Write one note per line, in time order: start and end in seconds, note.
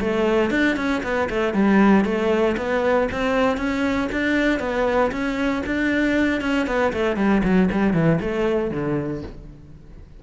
0.00 0.50 A3
0.50 0.76 D4
0.76 1.02 C#4
1.03 1.28 B3
1.30 1.54 A3
1.54 2.04 G3
2.04 2.56 A3
2.57 3.08 B3
3.11 3.57 C4
3.57 4.08 C#4
4.12 4.60 D4
4.60 5.11 B3
5.11 5.63 C#4
5.66 6.41 D4
6.41 6.67 C#4
6.67 6.92 B3
6.93 7.16 A3
7.16 7.42 G3
7.44 7.69 F#3
7.72 7.93 G3
7.93 8.19 E3
8.21 8.71 A3
8.71 9.22 D3